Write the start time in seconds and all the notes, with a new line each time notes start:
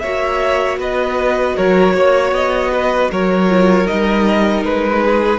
0.00 A#3 F#4 C#5 E5
0.78 B3 B4 D#5
1.56 F#3 A#4 C#5
1.94 A#3 C#5
2.32 B3 D#5
2.73 B4
3.11 F#3 A#4 C#5
3.49 F4
3.87 G3 D#4 D#5
4.64 G#3 B4
5.04 G#4